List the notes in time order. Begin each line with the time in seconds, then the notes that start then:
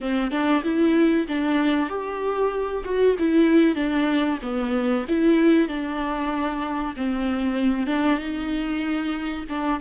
0.00 C4
0.31 D4
0.63 E4
1.28 D4
1.89 G4
2.84 F#4
3.19 E4
3.75 D4
4.42 B3
5.08 E4
5.68 D4
6.96 C4
7.87 D4
8.18 D#4
9.49 D4